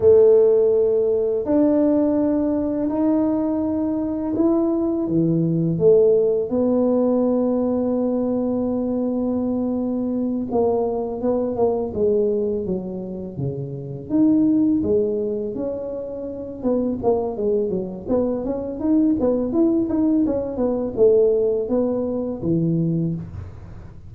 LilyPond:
\new Staff \with { instrumentName = "tuba" } { \time 4/4 \tempo 4 = 83 a2 d'2 | dis'2 e'4 e4 | a4 b2.~ | b2~ b8 ais4 b8 |
ais8 gis4 fis4 cis4 dis'8~ | dis'8 gis4 cis'4. b8 ais8 | gis8 fis8 b8 cis'8 dis'8 b8 e'8 dis'8 | cis'8 b8 a4 b4 e4 | }